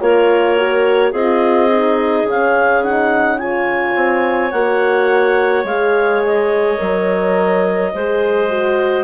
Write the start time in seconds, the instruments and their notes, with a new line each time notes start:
0.00 bassoon A#3, horn F4, clarinet A#4 C#5
0.56 horn F#4
1.11 bassoon C4, horn F4, clarinet G#4 D#5
1.72 horn D#4
2.23 bassoon C#3, horn C#4
2.29 clarinet F5
2.83 horn D#4, clarinet F#5
3.38 horn F4, clarinet C#5 G#5
3.95 bassoon C4
4.51 bassoon A#3, horn F#4, clarinet F#5
5.64 bassoon G#3, horn G#4, clarinet F5
6.25 clarinet D#5
6.78 bassoon F#3, horn A#4
7.94 bassoon G#3, horn G#4, clarinet C5
8.50 horn F#4